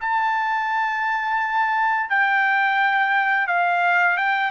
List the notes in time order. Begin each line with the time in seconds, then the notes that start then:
0.00 A5
2.09 G5
3.47 F5
4.17 G5